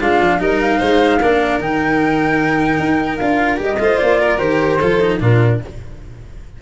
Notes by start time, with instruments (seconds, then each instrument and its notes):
0.00 tuba G#3, cello D4, violin F4, flute F5
0.20 tuba F3
0.39 tuba G3, cello D#4, violin A#4, flute D#5
0.61 flute F5
0.79 tuba G#3, violin C5
1.19 tuba A#3, cello D4, violin A#4
1.60 tuba D#3, cello D#4, flute G5
2.79 tuba D#4
3.17 tuba D4, cello F4, flute F5
3.57 tuba G3, cello G4, flute D#5
3.79 tuba A3, cello F4, violin C5
3.99 tuba A#3, flute D5
4.20 violin A#4
4.39 tuba D#3, cello G4, flute C5
4.79 tuba F3, cello F4, violin A4
5.00 cello D#4
5.20 tuba A#2, cello D4, violin F4, flute A#4